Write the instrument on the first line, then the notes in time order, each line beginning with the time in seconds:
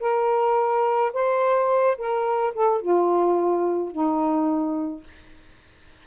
saxophone
0.00 A#4
1.13 C5
1.98 A#4
2.54 A4
2.81 F4
3.92 D#4